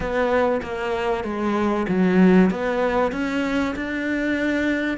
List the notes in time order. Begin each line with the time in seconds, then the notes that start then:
0.00 B3
0.62 A#3
1.23 G#3
1.88 F#3
2.50 B3
3.12 C#4
3.75 D4